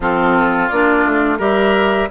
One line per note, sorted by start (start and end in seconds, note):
0.00 0.69 F3
0.00 0.71 C4
0.00 1.38 F4
0.00 0.68 A4
0.68 1.05 A#3
0.68 1.38 D4
0.68 1.38 D5
1.05 1.39 A3
1.38 2.09 G3
1.38 2.08 G4
1.38 2.08 A#4
1.38 2.10 E5